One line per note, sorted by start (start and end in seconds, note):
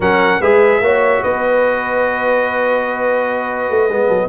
0.00 0.37 F#3
0.00 0.41 C#4
0.00 0.40 A#4
0.00 0.41 F#5
0.40 0.80 G#3
0.40 0.83 G#4
0.40 0.81 B4
0.40 1.23 E5
0.80 1.21 A#3
0.80 3.90 F#4
0.80 1.22 C#5
1.22 3.69 B3
1.22 4.07 B4
1.22 4.29 D#5
3.69 3.89 A3
3.89 4.08 G#3
3.89 4.29 B3
4.07 4.29 F#3
4.07 4.27 A4